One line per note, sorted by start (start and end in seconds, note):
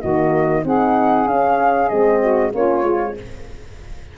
0.00 0.64 D#3
0.00 0.64 A#3
0.00 0.62 F#4
0.00 0.64 D#5
0.64 1.26 C4
0.64 1.27 D#4
0.64 2.20 G#4
0.64 1.27 F#5
1.26 1.88 C#4
1.26 1.90 C#4
1.26 1.89 F5
1.89 2.54 G#3
1.89 2.52 C4
1.89 2.51 D#5
2.20 2.52 F#4
2.53 2.83 A#3
2.53 2.84 C#4
2.53 3.17 F4
2.53 3.17 C#5
2.83 3.14 G#3
2.83 3.15 F4